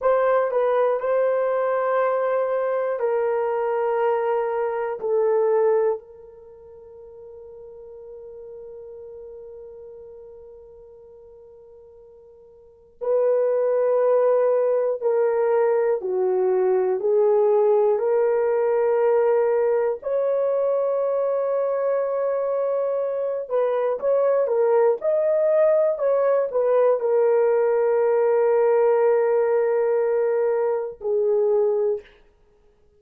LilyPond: \new Staff \with { instrumentName = "horn" } { \time 4/4 \tempo 4 = 60 c''8 b'8 c''2 ais'4~ | ais'4 a'4 ais'2~ | ais'1~ | ais'4 b'2 ais'4 |
fis'4 gis'4 ais'2 | cis''2.~ cis''8 b'8 | cis''8 ais'8 dis''4 cis''8 b'8 ais'4~ | ais'2. gis'4 | }